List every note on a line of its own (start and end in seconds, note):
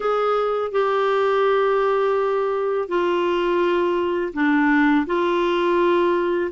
0.00 0.71 G#4
0.71 2.88 G4
2.88 4.32 F4
4.33 5.06 D4
5.06 6.51 F4